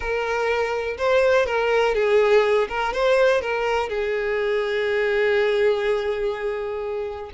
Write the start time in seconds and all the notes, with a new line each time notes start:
0.00 A#4
0.97 C5
1.45 A#4
1.94 G#4
2.69 A#4
2.93 C5
3.41 A#4
3.89 G#4